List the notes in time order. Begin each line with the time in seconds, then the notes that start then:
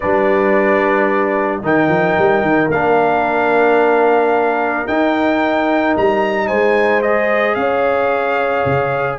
0.00 G3 D4 B4 D5
1.61 D#3 D#4 A#4 G5
1.88 F3
2.18 G3
2.41 D#3
2.68 A#3 D4 F5
4.87 D#4 G5
5.97 G3 A#5
6.47 G#3 C5 G#5
7.02 G#4 D#5
7.54 C#4 C#5 F5
8.65 C#3